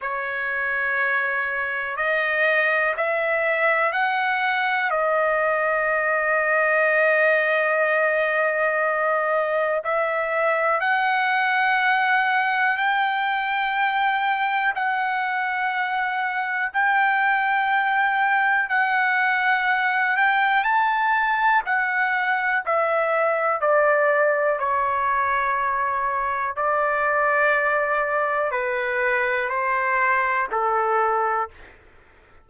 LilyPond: \new Staff \with { instrumentName = "trumpet" } { \time 4/4 \tempo 4 = 61 cis''2 dis''4 e''4 | fis''4 dis''2.~ | dis''2 e''4 fis''4~ | fis''4 g''2 fis''4~ |
fis''4 g''2 fis''4~ | fis''8 g''8 a''4 fis''4 e''4 | d''4 cis''2 d''4~ | d''4 b'4 c''4 a'4 | }